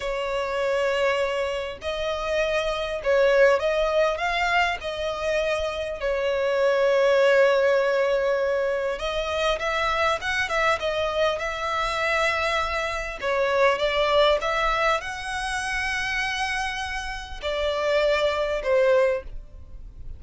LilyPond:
\new Staff \with { instrumentName = "violin" } { \time 4/4 \tempo 4 = 100 cis''2. dis''4~ | dis''4 cis''4 dis''4 f''4 | dis''2 cis''2~ | cis''2. dis''4 |
e''4 fis''8 e''8 dis''4 e''4~ | e''2 cis''4 d''4 | e''4 fis''2.~ | fis''4 d''2 c''4 | }